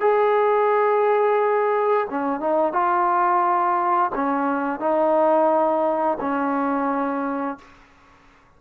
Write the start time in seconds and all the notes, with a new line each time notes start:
0.00 G#4
2.09 C#4
2.40 D#4
2.72 F4
4.15 C#4
4.80 D#4
6.20 C#4